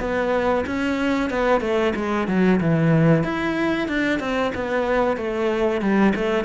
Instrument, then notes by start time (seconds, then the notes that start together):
cello
0.00 B3
0.66 C#4
1.30 B3
1.61 A3
1.95 G#3
2.28 F#3
2.60 E3
3.23 E4
3.88 D4
4.20 C4
4.55 B3
5.17 A3
5.81 G3
6.15 A3